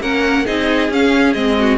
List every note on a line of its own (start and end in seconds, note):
0.00 0.44 A#3
0.00 0.45 C#4
0.00 0.45 A#4
0.00 0.45 F#5
0.45 0.89 C4
0.45 0.90 D#4
0.45 1.56 G#4
0.45 0.90 D#5
0.89 1.34 C#4
0.89 1.35 C#4
0.89 1.33 F5
1.33 1.78 G#3
1.33 1.78 C4
1.33 1.77 D#5
1.59 1.78 F#4